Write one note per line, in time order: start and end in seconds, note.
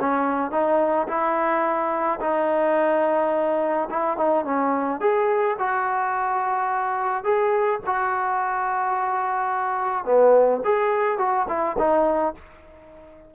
0.00 0.51 C#4
0.51 1.07 D#4
1.08 2.20 E4
2.20 3.89 D#4
3.90 4.17 E4
4.17 4.45 D#4
4.45 5.00 C#4
5.00 5.56 G#4
5.59 7.24 F#4
7.24 7.80 G#4
7.86 10.05 F#4
10.05 10.61 B3
10.64 11.18 G#4
11.18 11.46 F#4
11.49 11.77 E4
11.78 12.34 D#4